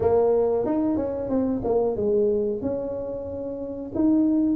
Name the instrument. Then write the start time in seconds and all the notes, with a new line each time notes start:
tuba
0.00 A#3
0.65 D#4
0.96 C#4
1.29 C4
1.64 A#3
1.96 G#3
2.61 C#4
3.95 D#4